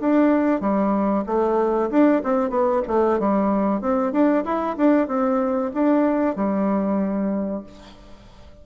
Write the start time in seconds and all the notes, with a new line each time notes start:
0.00 D4
0.60 G3
1.26 A3
1.90 D4
2.23 C4
2.50 B3
2.87 A3
3.19 G3
3.81 C4
4.12 D4
4.44 E4
4.76 D4
5.07 C4
5.74 D4
6.35 G3